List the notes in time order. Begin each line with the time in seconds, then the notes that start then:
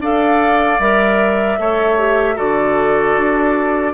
0.00 D4 A4 D5 F5
0.79 G3 A#4 E5
1.59 A3 A4 C#5
1.98 G4
2.35 D3 F#4 A4 D5
3.17 D4